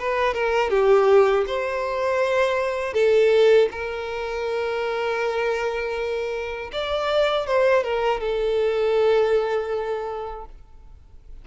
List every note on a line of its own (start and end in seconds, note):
0.00 0.34 B4
0.34 0.70 A#4
0.70 1.45 G4
1.47 2.94 C5
2.94 3.69 A4
3.72 6.72 A#4
6.73 7.47 D5
7.47 7.84 C5
7.84 8.21 A#4
8.21 10.46 A4